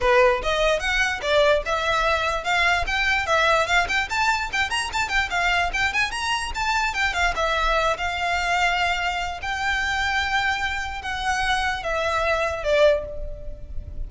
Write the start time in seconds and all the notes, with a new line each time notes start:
0.01 B4
0.42 D#5
0.79 F#5
1.22 D5
1.65 E5
2.43 F5
2.86 G5
3.26 E5
3.66 F5
3.88 G5
4.09 A5
4.52 G5
4.70 A#5
4.92 A5
5.09 G5
5.29 F5
5.73 G5
5.93 G#5
6.11 A#5
6.55 A5
6.94 G5
7.13 F5
7.35 E5
7.97 F5
9.42 G5
11.01 F#5
11.83 E5
12.63 D5